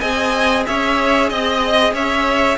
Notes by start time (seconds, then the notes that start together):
0.00 C4 G#4 D#5 G#5
0.67 C#4 C#5 E5
1.30 C4 D#5
1.93 C#4 C#5 E5